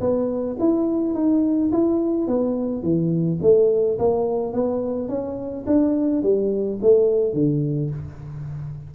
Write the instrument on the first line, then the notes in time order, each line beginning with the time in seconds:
tuba
0.00 B3
0.59 E4
1.14 D#4
1.72 E4
2.27 B3
2.83 E3
3.41 A3
3.98 A#3
4.53 B3
5.08 C#4
5.66 D4
6.22 G3
6.82 A3
7.33 D3